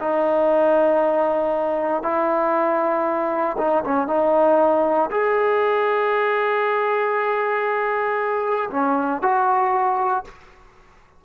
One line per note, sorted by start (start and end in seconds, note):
0.00 2.03 D#4
2.03 3.57 E4
3.58 3.84 D#4
3.84 4.07 C#4
4.07 5.10 D#4
5.10 8.69 G#4
8.70 9.22 C#4
9.22 10.24 F#4